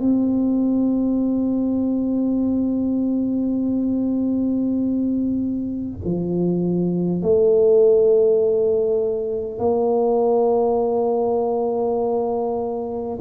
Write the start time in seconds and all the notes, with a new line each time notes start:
0.00 C4
6.05 F3
7.23 A3
9.59 A#3